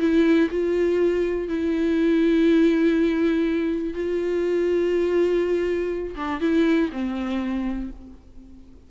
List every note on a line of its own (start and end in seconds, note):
0.00 0.49 E4
0.51 1.49 F4
1.49 3.94 E4
3.94 6.16 F4
6.16 6.41 D4
6.41 6.90 E4
6.92 7.91 C4